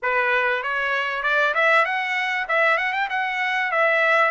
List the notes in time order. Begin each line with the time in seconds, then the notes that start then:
0.02 B4
0.62 C#5
1.23 D5
1.54 E5
1.85 F#5
2.48 E5
2.77 F#5
2.92 G5
3.09 F#5
3.71 E5